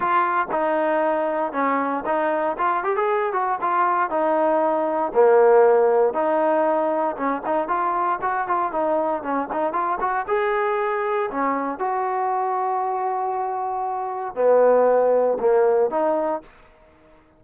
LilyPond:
\new Staff \with { instrumentName = "trombone" } { \time 4/4 \tempo 4 = 117 f'4 dis'2 cis'4 | dis'4 f'8 g'16 gis'8. fis'8 f'4 | dis'2 ais2 | dis'2 cis'8 dis'8 f'4 |
fis'8 f'8 dis'4 cis'8 dis'8 f'8 fis'8 | gis'2 cis'4 fis'4~ | fis'1 | b2 ais4 dis'4 | }